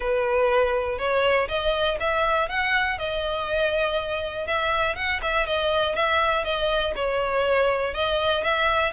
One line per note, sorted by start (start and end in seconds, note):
0.00 0.98 B4
0.98 1.47 C#5
1.48 1.98 D#5
1.99 2.48 E5
2.48 2.98 F#5
2.98 4.47 D#5
4.47 4.95 E5
4.95 5.20 F#5
5.22 5.46 E5
5.46 5.95 D#5
5.95 6.44 E5
6.44 6.94 D#5
6.95 7.94 C#5
7.94 8.43 D#5
8.43 8.92 E5